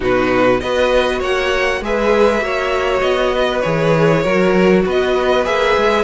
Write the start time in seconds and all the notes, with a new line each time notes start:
0.00 B2 D#4 F#4 B4
0.60 B3 F#4 B4 D#5
1.19 A#3 C#5 F#5
1.80 G#3 G#4 B4 E5
2.40 A#3 F#4 C#5
3.00 B3 D#5
3.34 B4
3.60 E3 G#4 C#5
4.22 F#3 F#4 A#4
4.85 B3 B4 D#5
5.44 A#3 G#4 E5
5.76 G#3